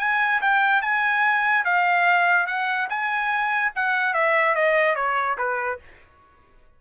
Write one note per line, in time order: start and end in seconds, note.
0.00 0.41 G#5
0.42 0.82 G5
0.82 1.65 G#5
1.65 2.47 F5
2.47 2.89 F#5
2.90 3.73 G#5
3.76 4.14 F#5
4.14 4.56 E5
4.56 4.96 D#5
4.96 5.37 C#5
5.38 5.80 B4